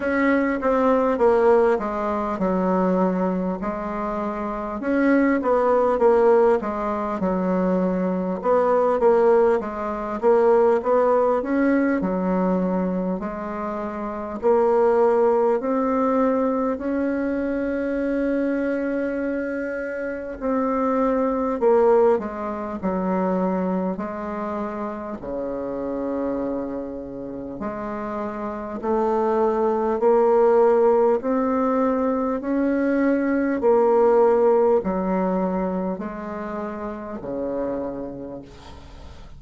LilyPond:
\new Staff \with { instrumentName = "bassoon" } { \time 4/4 \tempo 4 = 50 cis'8 c'8 ais8 gis8 fis4 gis4 | cis'8 b8 ais8 gis8 fis4 b8 ais8 | gis8 ais8 b8 cis'8 fis4 gis4 | ais4 c'4 cis'2~ |
cis'4 c'4 ais8 gis8 fis4 | gis4 cis2 gis4 | a4 ais4 c'4 cis'4 | ais4 fis4 gis4 cis4 | }